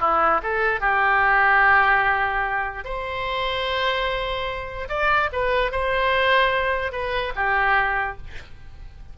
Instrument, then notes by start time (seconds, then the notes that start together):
oboe
0.00 E4
0.43 A4
0.80 G4
2.84 C5
4.89 D5
5.32 B4
5.71 C5
6.92 B4
7.35 G4